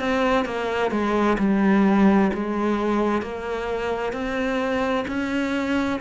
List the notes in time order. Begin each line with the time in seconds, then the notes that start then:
0.00 C4
0.46 A#3
0.91 G#3
1.39 G3
2.34 G#3
3.22 A#3
4.13 C4
5.08 C#4